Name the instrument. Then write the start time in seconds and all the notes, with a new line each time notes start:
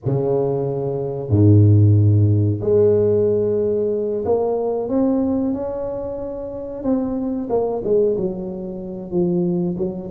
tuba
0.05 C#3
1.29 G#2
2.61 G#3
4.25 A#3
4.89 C4
5.53 C#4
6.83 C4
7.49 A#3
7.83 G#3
8.17 F#3
9.10 F3
9.77 F#3